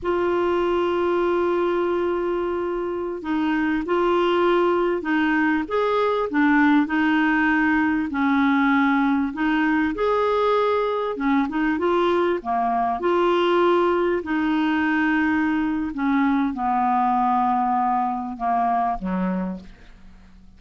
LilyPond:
\new Staff \with { instrumentName = "clarinet" } { \time 4/4 \tempo 4 = 98 f'1~ | f'4~ f'16 dis'4 f'4.~ f'16~ | f'16 dis'4 gis'4 d'4 dis'8.~ | dis'4~ dis'16 cis'2 dis'8.~ |
dis'16 gis'2 cis'8 dis'8 f'8.~ | f'16 ais4 f'2 dis'8.~ | dis'2 cis'4 b4~ | b2 ais4 fis4 | }